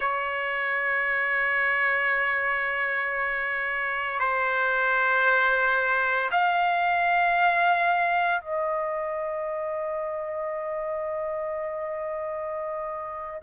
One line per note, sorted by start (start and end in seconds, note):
0.00 4.19 C#5
4.19 6.30 C5
6.31 8.40 F5
8.40 13.40 D#5